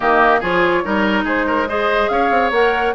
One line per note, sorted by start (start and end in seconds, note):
0.00 0.42 D#3
0.00 0.42 A#3
0.00 0.40 G4
0.00 0.41 D#5
0.40 0.84 F3
0.40 0.84 F4
0.40 0.82 G#4
0.40 1.25 C#5
0.84 1.24 G3
0.84 1.68 D#4
0.84 1.24 A#4
1.24 2.08 G#3
1.24 1.45 G#4
1.24 1.68 C5
1.47 1.68 A#4
1.68 2.52 G#4
1.68 2.10 C5
1.68 2.09 D#5
2.09 2.30 C#4
2.09 2.94 C#5
2.09 2.51 F5
2.30 2.50 C4
2.50 2.92 A#3
2.50 2.94 A#4
2.50 2.94 F#5